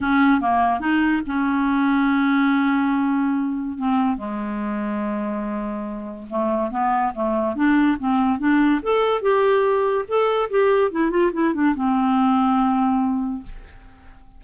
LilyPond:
\new Staff \with { instrumentName = "clarinet" } { \time 4/4 \tempo 4 = 143 cis'4 ais4 dis'4 cis'4~ | cis'1~ | cis'4 c'4 gis2~ | gis2. a4 |
b4 a4 d'4 c'4 | d'4 a'4 g'2 | a'4 g'4 e'8 f'8 e'8 d'8 | c'1 | }